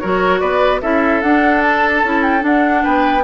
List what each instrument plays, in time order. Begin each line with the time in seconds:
0.00 bassoon F#3, clarinet F#4, oboe A#4, flute C#5
0.40 bassoon B3, oboe B4, flute D5
0.82 bassoon C#4, clarinet E4, oboe A4, flute E5
1.22 bassoon D4, clarinet D4, flute F#5
1.63 flute A5
2.04 bassoon C#4, clarinet E4
2.23 flute G5
2.41 clarinet D4, bassoon D4, flute F#5
2.84 bassoon B3, oboe B4, flute G5